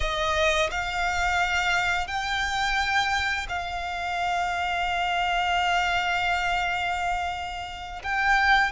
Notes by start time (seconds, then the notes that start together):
0.00 D#5
0.70 F5
2.07 G5
3.49 F5
8.03 G5